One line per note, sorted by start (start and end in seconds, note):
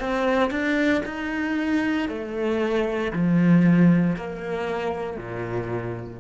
0.00 0.50 C4
0.50 1.02 D4
1.05 2.09 D#4
2.09 3.12 A3
3.13 4.16 F3
4.16 5.17 A#3
5.17 6.20 A#2